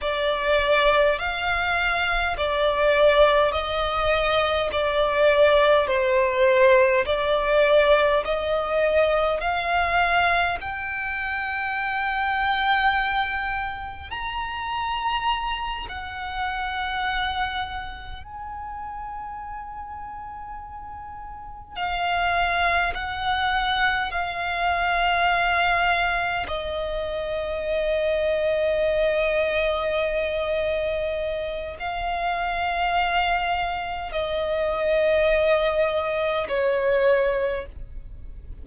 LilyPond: \new Staff \with { instrumentName = "violin" } { \time 4/4 \tempo 4 = 51 d''4 f''4 d''4 dis''4 | d''4 c''4 d''4 dis''4 | f''4 g''2. | ais''4. fis''2 gis''8~ |
gis''2~ gis''8 f''4 fis''8~ | fis''8 f''2 dis''4.~ | dis''2. f''4~ | f''4 dis''2 cis''4 | }